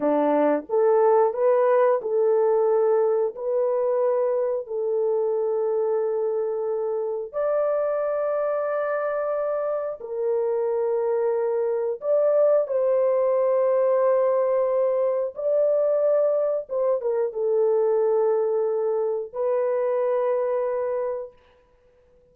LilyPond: \new Staff \with { instrumentName = "horn" } { \time 4/4 \tempo 4 = 90 d'4 a'4 b'4 a'4~ | a'4 b'2 a'4~ | a'2. d''4~ | d''2. ais'4~ |
ais'2 d''4 c''4~ | c''2. d''4~ | d''4 c''8 ais'8 a'2~ | a'4 b'2. | }